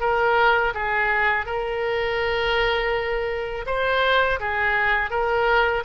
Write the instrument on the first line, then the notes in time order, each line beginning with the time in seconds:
oboe
0.00 A#4
0.74 G#4
1.46 A#4
3.66 C5
4.39 G#4
5.10 A#4